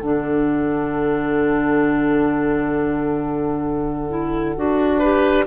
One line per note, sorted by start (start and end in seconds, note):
0.00 4.56 D3
0.00 4.09 D4
0.00 4.99 A4
0.00 5.46 F#5
4.09 4.55 E4
4.56 5.47 D4
4.56 5.02 F#4
4.99 5.47 G4
4.99 5.44 B4